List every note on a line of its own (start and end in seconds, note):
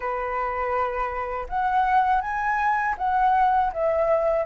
0.00 1.46 B4
1.48 2.21 F#5
2.21 2.95 G#5
2.97 3.71 F#5
3.72 4.45 E5